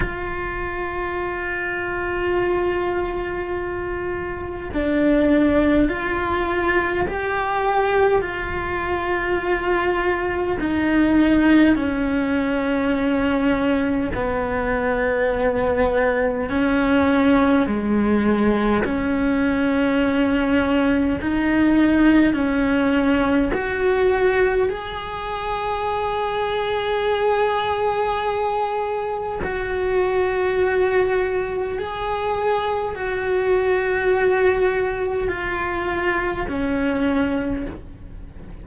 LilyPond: \new Staff \with { instrumentName = "cello" } { \time 4/4 \tempo 4 = 51 f'1 | d'4 f'4 g'4 f'4~ | f'4 dis'4 cis'2 | b2 cis'4 gis4 |
cis'2 dis'4 cis'4 | fis'4 gis'2.~ | gis'4 fis'2 gis'4 | fis'2 f'4 cis'4 | }